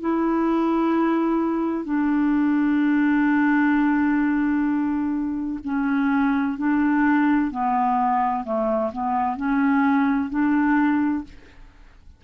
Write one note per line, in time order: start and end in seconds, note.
0.00 1.84 E4
1.84 5.59 D4
5.64 6.58 C#4
6.58 7.51 D4
7.51 8.44 B3
8.44 8.91 A3
8.92 9.36 B3
9.36 10.30 C#4
10.30 11.23 D4